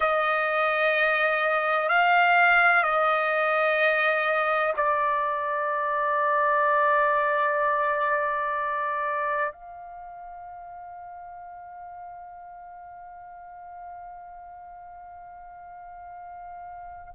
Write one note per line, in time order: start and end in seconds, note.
0.00 1.88 D#5
1.88 2.83 F5
2.83 4.73 D#5
4.76 9.52 D5
9.52 17.14 F5